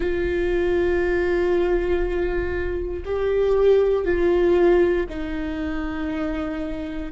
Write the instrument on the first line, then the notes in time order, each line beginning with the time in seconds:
viola
0.00 F4
3.05 G4
4.04 F4
5.09 D#4